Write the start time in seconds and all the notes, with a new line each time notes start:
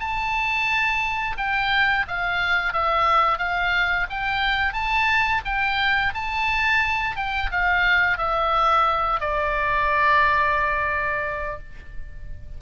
0.00 A5
1.37 G5
2.08 F5
2.73 E5
3.38 F5
4.10 G5
4.73 A5
5.45 G5
6.14 A5
7.16 G5
7.51 F5
8.18 E5
9.20 D5